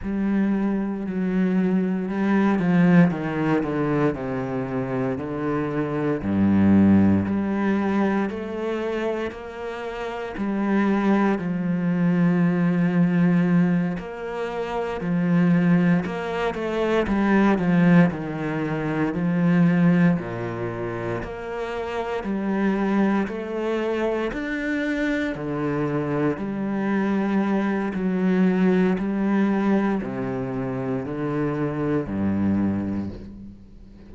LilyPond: \new Staff \with { instrumentName = "cello" } { \time 4/4 \tempo 4 = 58 g4 fis4 g8 f8 dis8 d8 | c4 d4 g,4 g4 | a4 ais4 g4 f4~ | f4. ais4 f4 ais8 |
a8 g8 f8 dis4 f4 ais,8~ | ais,8 ais4 g4 a4 d'8~ | d'8 d4 g4. fis4 | g4 c4 d4 g,4 | }